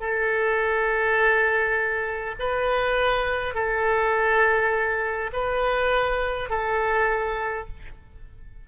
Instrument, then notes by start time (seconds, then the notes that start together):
oboe
0.00 A4
2.39 B4
3.54 A4
5.33 B4
6.49 A4